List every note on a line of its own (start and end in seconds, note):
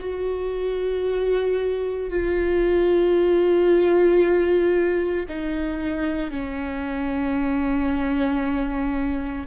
0.00 2.11 F#4
2.11 5.26 F4
5.29 6.31 D#4
6.31 9.47 C#4